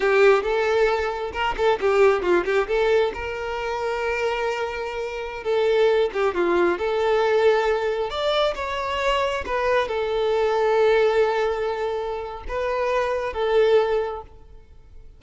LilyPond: \new Staff \with { instrumentName = "violin" } { \time 4/4 \tempo 4 = 135 g'4 a'2 ais'8 a'8 | g'4 f'8 g'8 a'4 ais'4~ | ais'1~ | ais'16 a'4. g'8 f'4 a'8.~ |
a'2~ a'16 d''4 cis''8.~ | cis''4~ cis''16 b'4 a'4.~ a'16~ | a'1 | b'2 a'2 | }